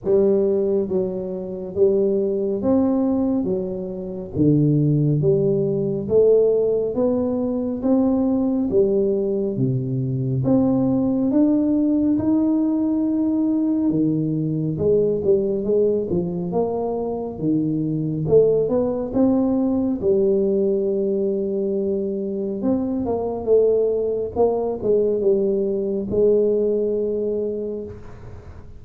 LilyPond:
\new Staff \with { instrumentName = "tuba" } { \time 4/4 \tempo 4 = 69 g4 fis4 g4 c'4 | fis4 d4 g4 a4 | b4 c'4 g4 c4 | c'4 d'4 dis'2 |
dis4 gis8 g8 gis8 f8 ais4 | dis4 a8 b8 c'4 g4~ | g2 c'8 ais8 a4 | ais8 gis8 g4 gis2 | }